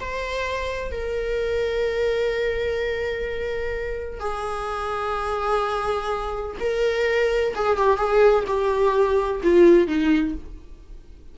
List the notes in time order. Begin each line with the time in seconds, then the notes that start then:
0.00 C5
0.91 A#4
4.20 G#4
6.60 A#4
7.55 G#4
7.77 G4
7.97 G#4
8.47 G4
9.43 F4
9.88 D#4